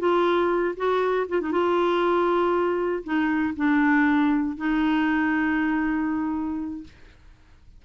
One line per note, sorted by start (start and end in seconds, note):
0.00 0.76 F4
0.77 1.27 F#4
1.29 1.41 F4
1.41 1.52 D#4
1.52 3.04 F4
3.04 3.54 D#4
3.56 4.57 D4
4.57 6.84 D#4